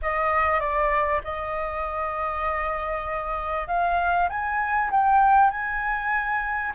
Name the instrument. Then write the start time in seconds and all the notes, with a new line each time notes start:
flute
0.01 D#5
0.60 D5
1.24 D#5
3.67 F5
4.29 G#5
4.91 G5
5.50 G#5